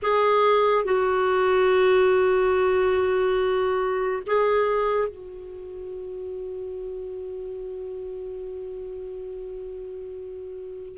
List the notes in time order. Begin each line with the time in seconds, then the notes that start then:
0.02 G#4
0.85 F#4
4.26 G#4
5.08 F#4